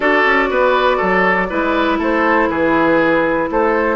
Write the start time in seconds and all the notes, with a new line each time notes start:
0.00 D4 F#4 A4 D5
0.25 C#4
0.49 B3 B4
0.97 F#3 A4
1.49 G#3 E4 B4
1.98 A3 A4 C5
2.49 E3 G#4 B4
3.50 A3 A4 C5